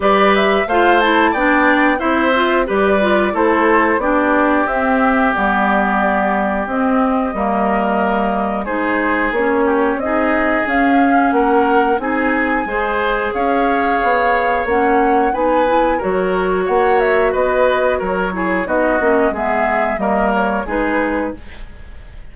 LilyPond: <<
  \new Staff \with { instrumentName = "flute" } { \time 4/4 \tempo 4 = 90 d''8 e''8 f''8 a''8 g''4 e''4 | d''4 c''4 d''4 e''4 | d''2 dis''2~ | dis''4 c''4 cis''4 dis''4 |
f''4 fis''4 gis''2 | f''2 fis''4 gis''4 | cis''4 fis''8 e''8 dis''4 cis''4 | dis''4 e''4 dis''8 cis''8 b'4 | }
  \new Staff \with { instrumentName = "oboe" } { \time 4/4 b'4 c''4 d''4 c''4 | b'4 a'4 g'2~ | g'2. ais'4~ | ais'4 gis'4. g'8 gis'4~ |
gis'4 ais'4 gis'4 c''4 | cis''2. b'4 | ais'4 cis''4 b'4 ais'8 gis'8 | fis'4 gis'4 ais'4 gis'4 | }
  \new Staff \with { instrumentName = "clarinet" } { \time 4/4 g'4 f'8 e'8 d'4 e'8 f'8 | g'8 f'8 e'4 d'4 c'4 | b2 c'4 ais4~ | ais4 dis'4 cis'4 dis'4 |
cis'2 dis'4 gis'4~ | gis'2 cis'4 dis'8 e'8 | fis'2.~ fis'8 e'8 | dis'8 cis'8 b4 ais4 dis'4 | }
  \new Staff \with { instrumentName = "bassoon" } { \time 4/4 g4 a4 b4 c'4 | g4 a4 b4 c'4 | g2 c'4 g4~ | g4 gis4 ais4 c'4 |
cis'4 ais4 c'4 gis4 | cis'4 b4 ais4 b4 | fis4 ais4 b4 fis4 | b8 ais8 gis4 g4 gis4 | }
>>